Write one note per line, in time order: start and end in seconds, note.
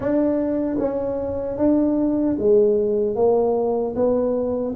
0.00 0.77 D4
0.79 1.57 C#4
1.57 2.36 D4
2.39 3.15 G#3
3.15 3.94 A#3
3.95 4.74 B3